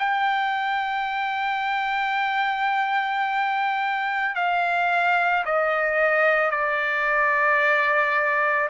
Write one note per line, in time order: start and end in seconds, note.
0.00 4.36 G5
4.36 5.45 F5
5.45 6.51 D#5
6.51 8.69 D5